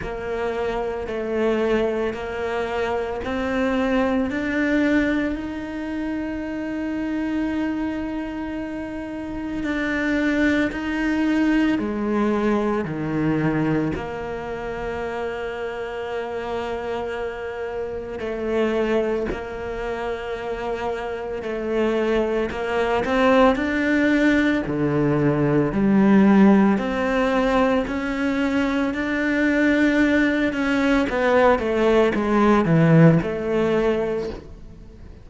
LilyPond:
\new Staff \with { instrumentName = "cello" } { \time 4/4 \tempo 4 = 56 ais4 a4 ais4 c'4 | d'4 dis'2.~ | dis'4 d'4 dis'4 gis4 | dis4 ais2.~ |
ais4 a4 ais2 | a4 ais8 c'8 d'4 d4 | g4 c'4 cis'4 d'4~ | d'8 cis'8 b8 a8 gis8 e8 a4 | }